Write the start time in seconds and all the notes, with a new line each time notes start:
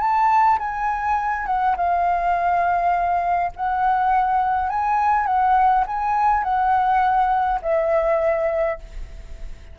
0.00 A5
0.59 G#5
1.46 F#5
1.77 F5
3.56 F#5
4.69 G#5
5.26 F#5
5.87 G#5
6.43 F#5
7.62 E5